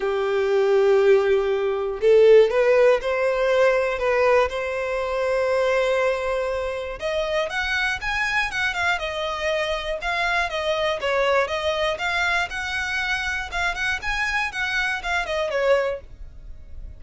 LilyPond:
\new Staff \with { instrumentName = "violin" } { \time 4/4 \tempo 4 = 120 g'1 | a'4 b'4 c''2 | b'4 c''2.~ | c''2 dis''4 fis''4 |
gis''4 fis''8 f''8 dis''2 | f''4 dis''4 cis''4 dis''4 | f''4 fis''2 f''8 fis''8 | gis''4 fis''4 f''8 dis''8 cis''4 | }